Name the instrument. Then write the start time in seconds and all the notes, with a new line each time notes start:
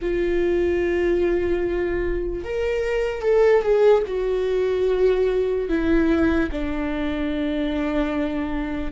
viola
0.01 F4
2.43 A#4
3.21 A4
3.62 G#4
4.06 F#4
5.68 E4
6.51 D4